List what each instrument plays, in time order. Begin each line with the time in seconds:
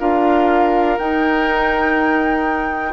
0.00 bassoon D4, clarinet F4, oboe A#4, flute F5
0.99 bassoon D#4, clarinet D#4, flute G5